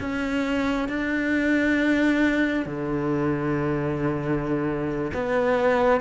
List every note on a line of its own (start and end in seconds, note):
0.00 0.88 C#4
0.88 2.65 D4
2.65 5.12 D3
5.14 6.01 B3